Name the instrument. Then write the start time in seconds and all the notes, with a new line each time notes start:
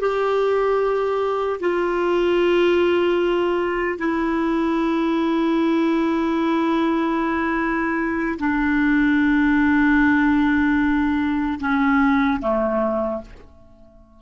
clarinet
0.00 G4
1.60 F4
3.99 E4
8.39 D4
11.60 C#4
12.41 A3